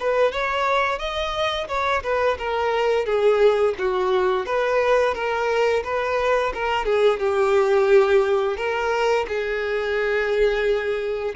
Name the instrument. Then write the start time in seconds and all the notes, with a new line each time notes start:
violin
0.00 B4
0.32 C#5
0.99 D#5
1.68 C#5
2.03 B4
2.39 A#4
3.05 G#4
3.78 F#4
4.46 B4
5.14 A#4
5.84 B4
6.54 A#4
6.85 G#4
7.19 G4
8.57 A#4
9.28 G#4